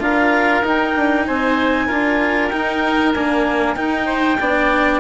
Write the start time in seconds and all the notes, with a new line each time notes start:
0.00 D4 F4 A#4 F5
0.62 D#4 G5
0.96 D4
1.27 C4 C5 G#5
1.87 D4 F4 A#4
2.49 D#4 G5
3.14 A#3 D4 G#5
3.75 D#4 G5
4.06 C5
4.40 B3 D4 D5